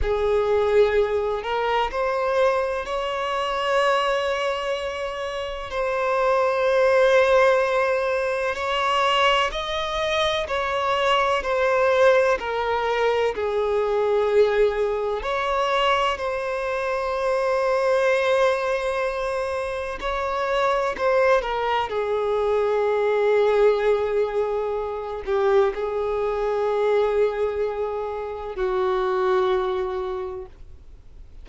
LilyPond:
\new Staff \with { instrumentName = "violin" } { \time 4/4 \tempo 4 = 63 gis'4. ais'8 c''4 cis''4~ | cis''2 c''2~ | c''4 cis''4 dis''4 cis''4 | c''4 ais'4 gis'2 |
cis''4 c''2.~ | c''4 cis''4 c''8 ais'8 gis'4~ | gis'2~ gis'8 g'8 gis'4~ | gis'2 fis'2 | }